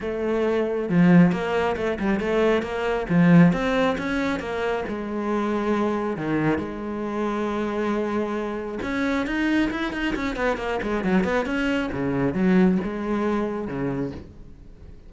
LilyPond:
\new Staff \with { instrumentName = "cello" } { \time 4/4 \tempo 4 = 136 a2 f4 ais4 | a8 g8 a4 ais4 f4 | c'4 cis'4 ais4 gis4~ | gis2 dis4 gis4~ |
gis1 | cis'4 dis'4 e'8 dis'8 cis'8 b8 | ais8 gis8 fis8 b8 cis'4 cis4 | fis4 gis2 cis4 | }